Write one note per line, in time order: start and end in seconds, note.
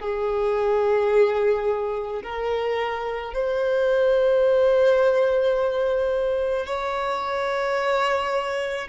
0.00 2.22 G#4
2.23 3.33 A#4
3.33 6.66 C5
6.66 8.88 C#5